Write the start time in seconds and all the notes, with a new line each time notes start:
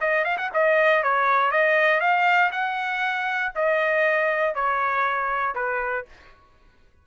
0.00 D#5
0.24 F5
0.37 F#5
0.53 D#5
1.03 C#5
1.51 D#5
2.00 F5
2.51 F#5
3.55 D#5
4.54 C#5
5.55 B4